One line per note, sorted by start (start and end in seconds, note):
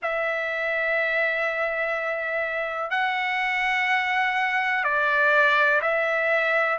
0.02 2.90 E5
2.90 4.84 F#5
4.84 5.81 D5
5.81 6.78 E5